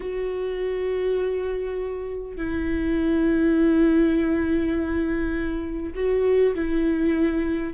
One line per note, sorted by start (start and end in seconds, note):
0.00 2.37 F#4
2.37 5.93 E4
5.95 6.54 F#4
6.55 7.73 E4